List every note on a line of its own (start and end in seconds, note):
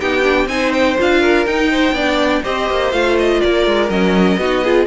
0.00 0.47 B3
0.00 0.23 D#4
0.00 0.49 G4
0.00 0.48 G5
0.23 0.47 D4
0.47 0.95 C4
0.47 0.98 D#4
0.47 1.21 C5
0.47 0.73 G#5
0.73 0.97 G5
0.98 1.47 D4
0.98 1.46 F4
0.98 1.46 F5
1.21 1.70 A#4
1.46 1.95 D#4
1.46 1.92 D#4
1.46 2.44 G5
1.71 1.95 C5
1.92 2.41 B3
1.92 2.44 D4
1.92 2.43 D5
2.44 2.70 C4
2.44 2.92 G4
2.44 3.41 C5
2.44 2.93 D#5
2.70 2.92 A#3
2.92 3.41 A3
2.92 3.90 F4
2.92 3.17 F5
3.19 3.41 D#5
3.41 3.67 A#3
3.41 4.40 A#4
3.41 3.90 D5
3.67 3.90 G#3
3.90 4.38 F#3
3.90 4.39 C#4
3.90 4.87 D#5
4.38 4.86 B3
4.38 4.65 D#4
4.38 4.64 F#4
4.64 4.88 F4
4.64 4.88 G#4